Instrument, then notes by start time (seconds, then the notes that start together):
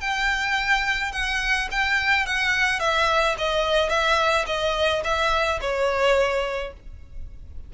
violin
0.00 G5
1.12 F#5
1.71 G5
2.26 F#5
2.79 E5
3.37 D#5
3.89 E5
4.46 D#5
5.04 E5
5.60 C#5